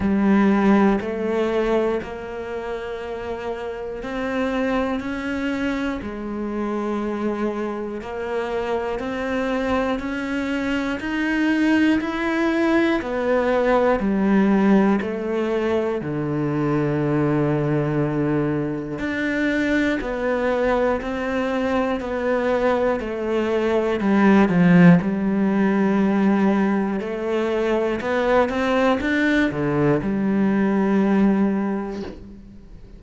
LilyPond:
\new Staff \with { instrumentName = "cello" } { \time 4/4 \tempo 4 = 60 g4 a4 ais2 | c'4 cis'4 gis2 | ais4 c'4 cis'4 dis'4 | e'4 b4 g4 a4 |
d2. d'4 | b4 c'4 b4 a4 | g8 f8 g2 a4 | b8 c'8 d'8 d8 g2 | }